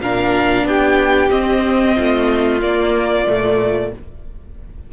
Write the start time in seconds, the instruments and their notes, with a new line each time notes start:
0.00 cello A#2, viola D4, violin A#4 F5
0.64 cello B3, violin G4 G5
1.31 viola C4, cello C4, violin D#5
1.96 cello A3, violin F4
2.62 viola A#3, cello A#3, violin D5
3.27 cello A#2, viola A3